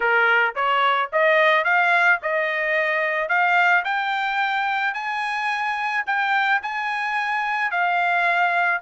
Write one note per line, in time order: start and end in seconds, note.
0.00 0.55 A#4
0.55 1.10 C#5
1.12 1.64 D#5
1.64 2.19 F5
2.22 3.28 D#5
3.28 3.83 F5
3.84 4.93 G5
4.93 6.04 G#5
6.06 6.61 G5
6.62 7.71 G#5
7.71 8.81 F5